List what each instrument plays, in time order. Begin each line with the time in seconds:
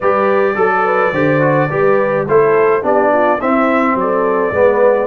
0.00 tuba G3, trombone G4, horn B4, trumpet D5
0.55 tuba F#3, trombone A4, horn A4
0.85 horn B4
1.12 tuba D3, trombone G4, horn C5
1.40 trombone F#4
1.70 tuba G3, trombone G4, horn B4
2.27 tuba A3, trombone E4, horn A4, trumpet C5
2.82 tuba B3, trombone D4, horn G4, trumpet D5
3.12 horn F4
3.38 trombone C4, tuba C4, horn E4, trumpet E5
3.94 tuba F#3, horn A4, trumpet D5
4.51 tuba G#3, trombone B3, horn B4